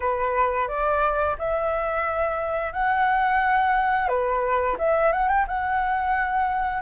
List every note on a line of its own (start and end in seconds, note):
0.00 0.68 B4
0.68 1.36 D5
1.38 2.72 E5
2.72 4.08 F#5
4.08 4.76 B4
4.78 5.12 E5
5.12 5.28 F#5
5.28 5.45 G5
5.47 6.82 F#5